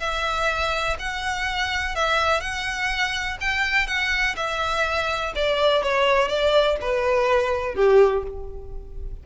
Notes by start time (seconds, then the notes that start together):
0.00 E5
0.99 F#5
1.96 E5
2.41 F#5
3.41 G5
3.87 F#5
4.37 E5
5.36 D5
5.83 C#5
6.28 D5
6.81 B4
7.75 G4